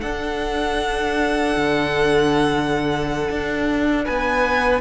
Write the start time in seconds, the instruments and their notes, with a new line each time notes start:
0.00 viola D4, cello D4, violin A4 F#5
1.56 cello D3
3.30 cello D4
4.04 cello B3, violin B4 G#5